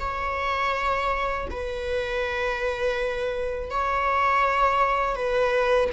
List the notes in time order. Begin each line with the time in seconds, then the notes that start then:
0.00 C#5
1.51 B4
3.71 C#5
5.16 B4